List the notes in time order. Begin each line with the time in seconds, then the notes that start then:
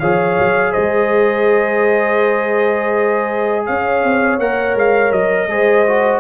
0.00 F3 G#4 C#5 F5
0.39 F#3
0.72 G#3 C5 D#5
3.66 C#4 C#5 F5
4.04 C4
4.39 A#3 A#4 F#5
4.75 G#3 F5
5.11 F#3 D#5
5.48 G#3 G#4 C5
5.87 F#4